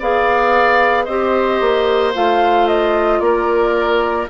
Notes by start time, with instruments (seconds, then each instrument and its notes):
0.00 bassoon B3, clarinet G#4, oboe D5, flute F5
1.05 bassoon C4, clarinet G4, oboe C5, flute D#5
1.61 bassoon A#3
2.14 bassoon A3, clarinet F4, flute F5
2.67 flute D#5
3.20 bassoon A#3, oboe A#4, flute D5